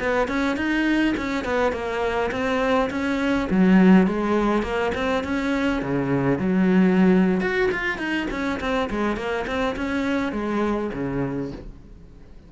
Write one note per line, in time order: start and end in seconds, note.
0.00 0.28 B3
0.28 0.57 C#4
0.57 1.15 D#4
1.18 1.45 C#4
1.45 1.73 B3
1.73 2.31 A#3
2.32 2.90 C4
2.91 3.49 C#4
3.51 4.07 F#3
4.07 4.63 G#3
4.63 4.92 A#3
4.95 5.24 C4
5.24 5.83 C#4
5.83 6.39 C#3
6.39 7.41 F#3
7.41 7.70 F#4
7.72 7.99 F4
7.99 8.28 D#4
8.31 8.60 C#4
8.61 8.90 C4
8.90 9.17 G#3
9.17 9.46 A#3
9.47 9.77 C4
9.77 10.33 C#4
10.33 10.91 G#3
10.94 11.52 C#3